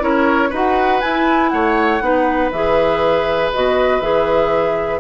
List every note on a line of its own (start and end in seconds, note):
0.00 0.52 C#4
0.00 0.50 E4
0.00 0.50 A#4
0.00 0.53 C#5
0.50 1.02 D#4
0.50 1.02 F#4
0.50 1.50 B4
0.50 1.01 F#5
1.01 2.01 E4
1.01 1.53 E4
1.01 1.50 G#5
1.50 2.01 A3
1.50 2.03 C#5
1.50 2.50 F#5
2.01 2.51 B3
2.01 2.51 D#4
2.01 5.00 B4
2.51 3.52 E3
2.51 3.54 G#4
2.51 3.51 E5
3.54 4.01 B2
3.54 4.02 F#4
3.54 4.01 D#5
4.01 5.00 E3
4.01 5.00 G#4
4.01 5.00 E5